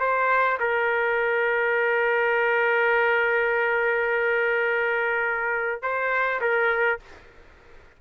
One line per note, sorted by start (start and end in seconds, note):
0.00 0.58 C5
0.60 5.82 A#4
5.82 6.41 C5
6.41 6.99 A#4